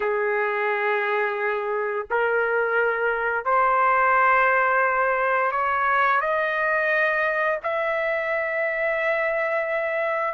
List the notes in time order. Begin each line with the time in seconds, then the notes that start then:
0.00 G#4
2.10 A#4
3.45 C5
5.51 C#5
6.20 D#5
7.63 E5